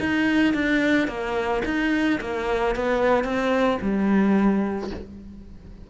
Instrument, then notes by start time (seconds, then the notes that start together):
cello
0.00 D#4
0.54 D4
1.08 A#3
1.65 D#4
2.21 A#3
2.76 B3
3.25 C4
3.82 G3